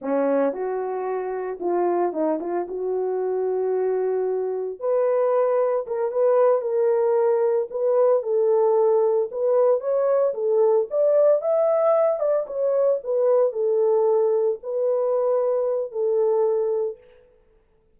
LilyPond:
\new Staff \with { instrumentName = "horn" } { \time 4/4 \tempo 4 = 113 cis'4 fis'2 f'4 | dis'8 f'8 fis'2.~ | fis'4 b'2 ais'8 b'8~ | b'8 ais'2 b'4 a'8~ |
a'4. b'4 cis''4 a'8~ | a'8 d''4 e''4. d''8 cis''8~ | cis''8 b'4 a'2 b'8~ | b'2 a'2 | }